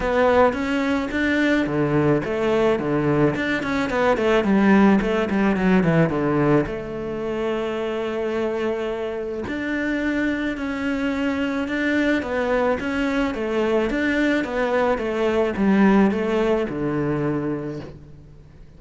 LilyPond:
\new Staff \with { instrumentName = "cello" } { \time 4/4 \tempo 4 = 108 b4 cis'4 d'4 d4 | a4 d4 d'8 cis'8 b8 a8 | g4 a8 g8 fis8 e8 d4 | a1~ |
a4 d'2 cis'4~ | cis'4 d'4 b4 cis'4 | a4 d'4 b4 a4 | g4 a4 d2 | }